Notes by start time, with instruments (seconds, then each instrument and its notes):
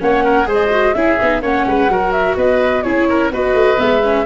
0.00 tuba A#3, viola C#4, oboe C#5, flute F#5
0.24 oboe A#4
0.46 tuba G#3, viola G#4, oboe C5
0.53 flute D#5
0.71 viola F#4
0.94 tuba C#4, viola E4, oboe G#4, flute E5
1.22 tuba B3, viola D#4
1.42 tuba A#3, viola C#4, oboe C#5, flute F#5
1.67 tuba G#3, oboe B4
1.89 tuba F#3, viola F#4, oboe A#4
2.12 flute E5
2.37 tuba B3, oboe B4, flute D#5
2.83 tuba C#4, viola E4, oboe G#4, flute C#5
3.09 oboe A#4
3.31 tuba B3, viola F#4, oboe B4, flute D#5
3.54 tuba A3
3.77 tuba G#3, viola B3, flute E5
4.04 viola C#4